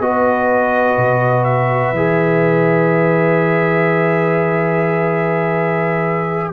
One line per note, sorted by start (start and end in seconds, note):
0.00 0.97 B3
0.00 1.95 F#4
0.00 6.53 B4
0.00 1.44 D#5
0.97 1.92 B2
1.44 6.52 E5
1.92 6.52 E3
1.92 6.53 G#4